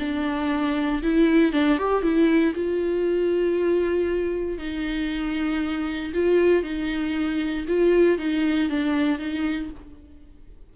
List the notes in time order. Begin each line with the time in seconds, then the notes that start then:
0.00 D4
1.03 E4
1.53 D4
1.79 G4
2.03 E4
2.55 F4
4.59 D#4
6.14 F4
6.64 D#4
7.68 F4
8.19 D#4
8.70 D4
9.19 D#4